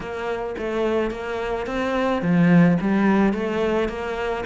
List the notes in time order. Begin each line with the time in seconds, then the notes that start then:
0.00 A#3
0.57 A3
1.10 A#3
1.66 C4
2.21 F3
2.80 G3
3.33 A3
3.88 A#3